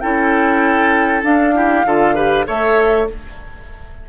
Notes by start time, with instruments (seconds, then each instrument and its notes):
0.00 bassoon C#4, clarinet E4, oboe A4, flute G5
1.23 clarinet D4, bassoon D4, flute F5
1.54 clarinet E4, oboe G4
1.85 bassoon D3, clarinet F4, oboe A4
2.15 clarinet G4, oboe B4
2.46 bassoon A3, clarinet A4, oboe C#5, flute E5